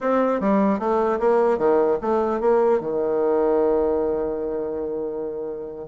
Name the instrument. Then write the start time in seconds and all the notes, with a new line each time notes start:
bassoon
0.00 C4
0.40 G3
0.79 A3
1.19 A#3
1.57 D#3
2.01 A3
2.40 A#3
2.80 D#3